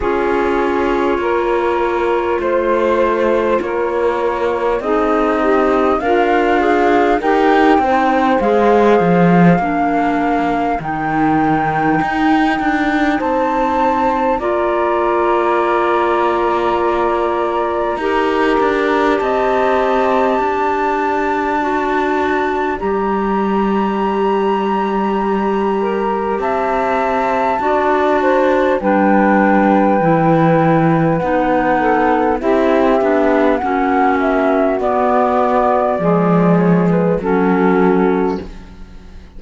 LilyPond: <<
  \new Staff \with { instrumentName = "flute" } { \time 4/4 \tempo 4 = 50 cis''2 c''4 cis''4 | dis''4 f''4 g''4 f''4~ | f''4 g''2 a''4 | ais''1 |
a''2. ais''4~ | ais''2 a''2 | g''2 fis''4 e''4 | fis''8 e''8 d''4. cis''16 b'16 a'4 | }
  \new Staff \with { instrumentName = "saxophone" } { \time 4/4 gis'4 ais'4 c''4 ais'4 | gis'8 g'8 f'4 ais'8 c''4. | ais'2. c''4 | d''2. ais'4 |
dis''4 d''2.~ | d''4. ais'8 e''4 d''8 c''8 | b'2~ b'8 a'8 g'4 | fis'2 gis'4 fis'4 | }
  \new Staff \with { instrumentName = "clarinet" } { \time 4/4 f'1 | dis'4 ais'8 gis'8 g'8 dis'8 gis'4 | d'4 dis'2. | f'2. g'4~ |
g'2 fis'4 g'4~ | g'2. fis'4 | d'4 e'4 dis'4 e'8 d'8 | cis'4 b4 gis4 cis'4 | }
  \new Staff \with { instrumentName = "cello" } { \time 4/4 cis'4 ais4 a4 ais4 | c'4 d'4 dis'8 c'8 gis8 f8 | ais4 dis4 dis'8 d'8 c'4 | ais2. dis'8 d'8 |
c'4 d'2 g4~ | g2 c'4 d'4 | g4 e4 b4 c'8 b8 | ais4 b4 f4 fis4 | }
>>